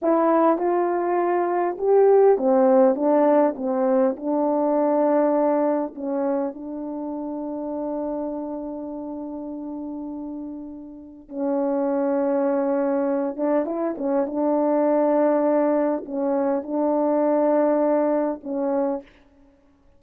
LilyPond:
\new Staff \with { instrumentName = "horn" } { \time 4/4 \tempo 4 = 101 e'4 f'2 g'4 | c'4 d'4 c'4 d'4~ | d'2 cis'4 d'4~ | d'1~ |
d'2. cis'4~ | cis'2~ cis'8 d'8 e'8 cis'8 | d'2. cis'4 | d'2. cis'4 | }